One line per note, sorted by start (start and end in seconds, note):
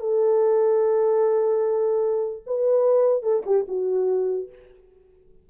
0.00 2.43 A4
2.46 3.23 B4
3.23 3.43 A4
3.46 3.66 G4
3.68 4.49 F#4